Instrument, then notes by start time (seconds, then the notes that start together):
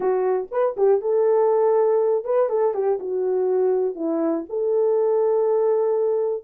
horn
0.00 F#4
0.51 B4
0.77 G4
1.01 A4
2.24 B4
2.49 A4
2.74 G4
2.99 F#4
3.95 E4
4.49 A4